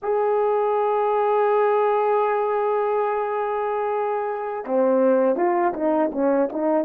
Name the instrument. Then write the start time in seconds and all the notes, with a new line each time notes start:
horn
0.02 G#4
4.65 C4
5.36 F4
5.73 D#4
6.12 C#4
6.52 D#4